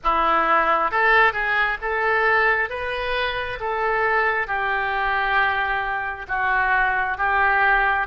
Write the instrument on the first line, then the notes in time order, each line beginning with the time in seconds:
oboe
0.03 E4
0.91 A4
1.32 G#4
1.81 A4
2.69 B4
3.60 A4
4.47 G4
6.28 F#4
7.17 G4